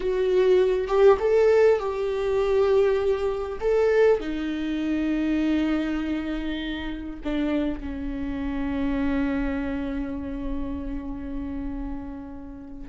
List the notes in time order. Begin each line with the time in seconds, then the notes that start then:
0.00 F#4
0.87 G4
1.19 A4
1.79 G4
3.60 A4
4.20 D#4
7.24 D4
7.80 C#4